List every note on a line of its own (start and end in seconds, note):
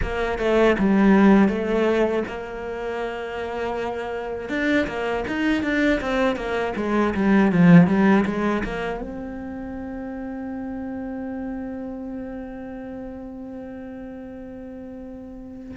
0.02 0.38 A#3
0.38 0.76 A3
0.79 1.48 G3
1.48 2.23 A3
2.27 4.49 A#3
4.49 4.86 D4
4.87 5.24 A#3
5.27 5.62 D#4
5.62 6.00 D4
6.00 6.35 C4
6.35 6.73 A#3
6.76 7.14 G#3
7.14 7.51 G3
7.51 7.87 F3
7.87 8.24 G3
8.25 8.62 G#3
8.64 9.00 A#3
9.00 15.75 C4